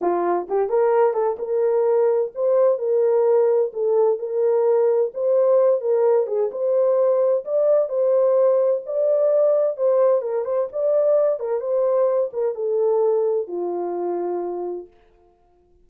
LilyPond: \new Staff \with { instrumentName = "horn" } { \time 4/4 \tempo 4 = 129 f'4 g'8 ais'4 a'8 ais'4~ | ais'4 c''4 ais'2 | a'4 ais'2 c''4~ | c''8 ais'4 gis'8 c''2 |
d''4 c''2 d''4~ | d''4 c''4 ais'8 c''8 d''4~ | d''8 ais'8 c''4. ais'8 a'4~ | a'4 f'2. | }